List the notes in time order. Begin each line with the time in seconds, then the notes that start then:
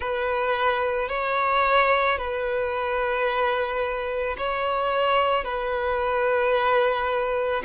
0.00 B4
1.09 C#5
2.18 B4
4.37 C#5
5.44 B4